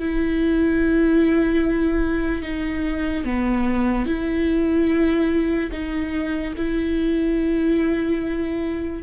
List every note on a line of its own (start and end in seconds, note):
0.00 2.43 E4
2.43 3.24 D#4
3.24 4.06 B3
4.06 5.71 E4
5.72 6.54 D#4
6.57 9.03 E4